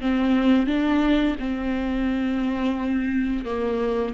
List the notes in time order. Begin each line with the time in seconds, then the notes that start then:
0.00 C4
0.66 D4
1.39 C4
3.45 A#3